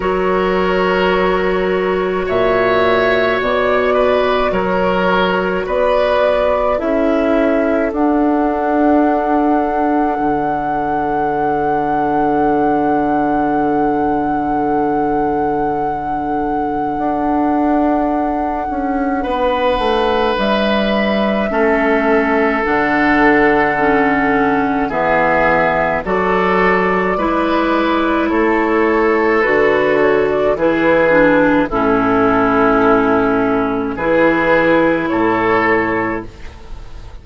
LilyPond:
<<
  \new Staff \with { instrumentName = "flute" } { \time 4/4 \tempo 4 = 53 cis''2 e''4 d''4 | cis''4 d''4 e''4 fis''4~ | fis''1~ | fis''1~ |
fis''2 e''2 | fis''2 e''4 d''4~ | d''4 cis''4 b'8 cis''16 d''16 b'4 | a'2 b'4 cis''4 | }
  \new Staff \with { instrumentName = "oboe" } { \time 4/4 ais'2 cis''4. b'8 | ais'4 b'4 a'2~ | a'1~ | a'1~ |
a'4 b'2 a'4~ | a'2 gis'4 a'4 | b'4 a'2 gis'4 | e'2 gis'4 a'4 | }
  \new Staff \with { instrumentName = "clarinet" } { \time 4/4 fis'1~ | fis'2 e'4 d'4~ | d'1~ | d'1~ |
d'2. cis'4 | d'4 cis'4 b4 fis'4 | e'2 fis'4 e'8 d'8 | cis'2 e'2 | }
  \new Staff \with { instrumentName = "bassoon" } { \time 4/4 fis2 ais,4 b,4 | fis4 b4 cis'4 d'4~ | d'4 d2.~ | d2. d'4~ |
d'8 cis'8 b8 a8 g4 a4 | d2 e4 fis4 | gis4 a4 d4 e4 | a,2 e4 a,4 | }
>>